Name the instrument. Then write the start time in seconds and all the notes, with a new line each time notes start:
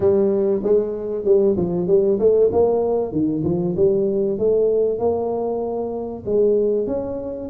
tuba
0.00 G3
0.63 G#3
1.24 G3
1.56 F3
1.87 G3
2.19 A3
2.51 A#3
3.12 D#3
3.44 F3
3.76 G3
4.38 A3
4.98 A#3
6.25 G#3
6.87 C#4